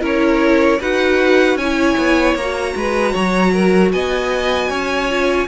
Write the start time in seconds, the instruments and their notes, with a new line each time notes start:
0.00 cello C#4, viola E4, violin A#4 C#5
0.80 cello D#4, viola F#4, violin B4 F#5
1.55 cello C#4, violin C#5 G#5
1.62 viola E4
1.97 cello B3
2.34 cello A#3, violin A#5
2.41 viola F#4
2.75 cello G#3, violin B4
3.12 cello F#3, violin C#5
3.53 violin A#4
3.92 cello B3, violin D#5 G#5
4.70 cello C#4, violin C#5
5.09 viola F4